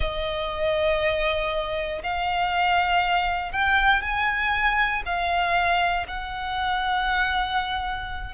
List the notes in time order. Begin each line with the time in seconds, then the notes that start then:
0.00 D#5
2.03 F5
3.52 G5
4.02 G#5
5.05 F5
6.07 F#5